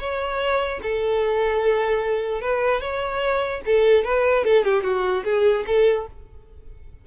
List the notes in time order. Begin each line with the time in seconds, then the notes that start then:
0.00 C#5
0.83 A4
2.42 B4
2.81 C#5
3.66 A4
4.05 B4
4.45 A4
4.64 G4
4.83 F#4
5.25 G#4
5.67 A4